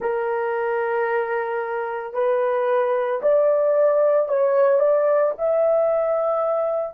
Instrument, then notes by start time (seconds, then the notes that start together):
horn
0.00 A#4
2.13 B4
3.21 D5
4.28 C#5
4.79 D5
5.38 E5